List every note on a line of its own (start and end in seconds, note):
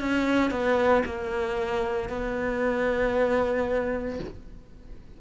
0.00 0.51 C#4
0.51 1.03 B3
1.05 2.10 A#3
2.10 4.20 B3